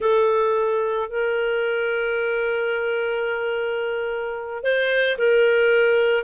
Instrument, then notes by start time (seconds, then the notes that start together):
clarinet
0.00 A4
1.09 A#4
4.63 C5
5.18 A#4